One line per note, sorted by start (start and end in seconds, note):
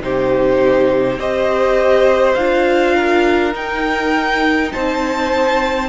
0.00 1.17 C3
0.00 1.19 D#4
0.00 1.19 G4
0.00 1.20 C5
1.17 2.35 C4
1.17 2.37 G4
1.17 2.96 C5
1.17 2.35 D#5
2.35 3.54 D4
2.35 3.53 F4
2.35 3.52 F5
2.96 4.72 A#4
3.53 5.88 D#4
3.53 4.72 D#4
3.53 4.72 G5
4.72 5.89 C4
4.72 5.89 C5
4.72 5.89 A5